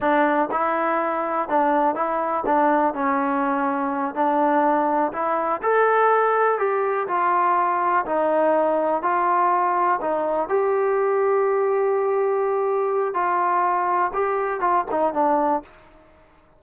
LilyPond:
\new Staff \with { instrumentName = "trombone" } { \time 4/4 \tempo 4 = 123 d'4 e'2 d'4 | e'4 d'4 cis'2~ | cis'8 d'2 e'4 a'8~ | a'4. g'4 f'4.~ |
f'8 dis'2 f'4.~ | f'8 dis'4 g'2~ g'8~ | g'2. f'4~ | f'4 g'4 f'8 dis'8 d'4 | }